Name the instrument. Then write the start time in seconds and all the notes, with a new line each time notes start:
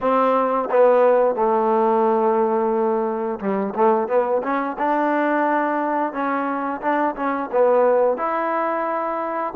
trombone
0.00 C4
0.70 B3
1.35 A3
3.39 G3
3.75 A3
4.08 B3
4.43 C#4
4.78 D4
6.12 C#4
6.81 D4
7.16 C#4
7.52 B3
8.17 E4